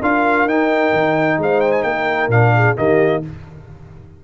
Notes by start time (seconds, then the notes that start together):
0.00 D4 F4 A#4 F5
0.45 D#4 G5
0.93 D#3
1.38 G#3 C5 F5
1.60 G5
1.72 G#5
1.83 A#3 A#4 G5
2.28 A#2 D4 F5
2.55 G#4
2.76 D#3 A#3 G4 D#5